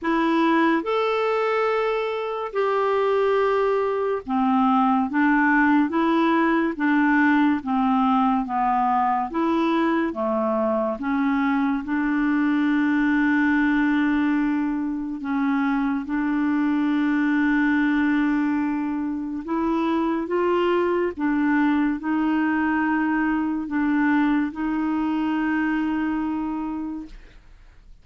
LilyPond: \new Staff \with { instrumentName = "clarinet" } { \time 4/4 \tempo 4 = 71 e'4 a'2 g'4~ | g'4 c'4 d'4 e'4 | d'4 c'4 b4 e'4 | a4 cis'4 d'2~ |
d'2 cis'4 d'4~ | d'2. e'4 | f'4 d'4 dis'2 | d'4 dis'2. | }